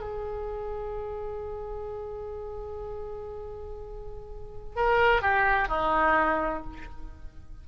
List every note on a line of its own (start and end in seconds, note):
0.00 4.76 G#4
4.76 5.22 A#4
5.22 5.68 G4
5.68 6.63 D#4